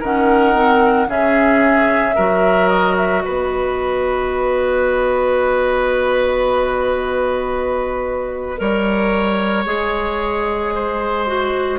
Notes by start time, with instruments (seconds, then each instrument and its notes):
0.00 bassoon D#3, clarinet C#4, oboe A#4, flute F#5
0.55 clarinet C4
1.08 bassoon C#3, clarinet C#4, oboe G#4, flute E5
2.15 bassoon F#3, clarinet F#4, oboe A#4
2.69 flute D#5
2.97 flute E5
3.22 bassoon B3, oboe B4, flute D#5
8.58 bassoon G3, clarinet A#4, oboe C#5
9.66 bassoon G#3, clarinet G#4
10.74 oboe C5
11.27 clarinet F#4